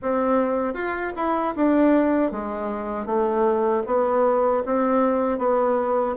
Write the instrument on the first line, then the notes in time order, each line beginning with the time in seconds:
bassoon
0.01 C4
0.73 F4
1.15 E4
1.56 D4
2.31 G#3
3.06 A3
3.86 B3
4.65 C4
5.38 B3